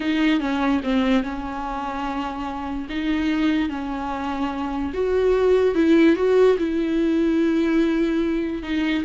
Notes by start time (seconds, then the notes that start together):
0.00 D#4
0.39 C#4
0.83 C4
1.23 C#4
2.89 D#4
3.69 C#4
4.93 F#4
5.74 E4
6.16 F#4
6.58 E4
8.62 D#4